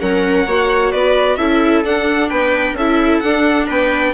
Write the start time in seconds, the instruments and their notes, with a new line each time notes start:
0.00 bassoon F#3, viola C#4 A#4, violin F#5
0.47 bassoon A#3, viola F#4 C#5
0.92 bassoon B3, viola B4, violin D5
1.36 bassoon C#4, viola E4 A4, violin E5
1.83 bassoon D4, viola D4, violin F#5
2.29 bassoon B3, viola B4, violin G5
2.72 bassoon C#4, viola A4, violin E5
2.80 viola E4
3.20 bassoon D4, viola D4, violin F#5
3.67 bassoon B3, viola B4, violin G5